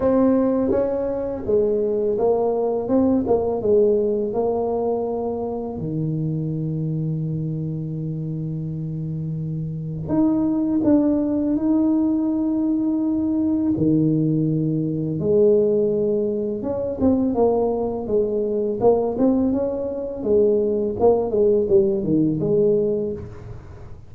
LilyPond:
\new Staff \with { instrumentName = "tuba" } { \time 4/4 \tempo 4 = 83 c'4 cis'4 gis4 ais4 | c'8 ais8 gis4 ais2 | dis1~ | dis2 dis'4 d'4 |
dis'2. dis4~ | dis4 gis2 cis'8 c'8 | ais4 gis4 ais8 c'8 cis'4 | gis4 ais8 gis8 g8 dis8 gis4 | }